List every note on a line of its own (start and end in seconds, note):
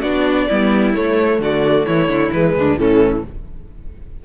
0.00 0.49 B3
0.00 0.50 D4
0.00 0.46 F#4
0.00 0.93 D5
0.49 0.96 G3
0.49 0.94 B3
0.49 1.40 E4
0.94 2.31 A3
0.94 1.39 A3
0.94 1.40 C#5
1.39 1.85 D3
1.39 1.86 F#4
1.39 1.86 D5
1.86 2.08 E3
1.86 2.55 E4
1.86 2.31 C#5
2.08 2.31 D3
2.33 2.55 E3
2.33 2.78 G#3
2.33 2.79 B4
2.56 2.78 D2
2.56 2.80 D4
2.78 3.24 A2
2.78 3.24 E3
2.78 3.25 C#4
2.78 3.24 A4